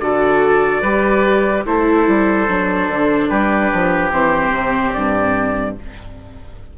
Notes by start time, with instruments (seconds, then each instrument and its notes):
0.00 bassoon D3, viola F#4, oboe A4, trumpet D5
0.82 bassoon G3, viola G4, oboe B4
1.66 bassoon A3, viola E4, oboe A4, trumpet C5
2.08 bassoon G3
2.48 bassoon F#3, viola D4
2.88 bassoon D3
3.29 bassoon G3, oboe G4, trumpet B4
3.73 bassoon F3
4.12 bassoon E3, viola C4, trumpet C5
4.51 bassoon C3
4.94 bassoon G2, trumpet D5